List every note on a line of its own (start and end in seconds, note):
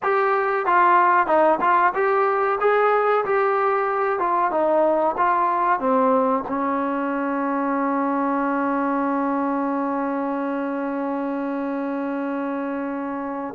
0.02 0.65 G4
0.65 1.26 F4
1.26 1.59 D#4
1.60 1.93 F4
1.94 2.58 G4
2.60 3.24 G#4
3.25 4.19 G4
4.19 4.51 F4
4.51 5.15 D#4
5.17 5.79 F4
5.79 6.43 C4
6.48 13.54 C#4